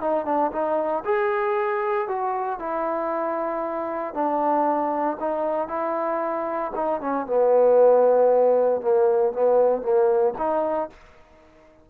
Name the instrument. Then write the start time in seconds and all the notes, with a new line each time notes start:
trombone
0.00 D#4
0.25 D4
0.51 D#4
1.04 G#4
2.08 F#4
2.59 E4
4.13 D4
5.20 D#4
5.68 E4
6.75 D#4
7.00 C#4
7.26 B3
8.81 A#3
9.32 B3
9.82 A#3
10.38 D#4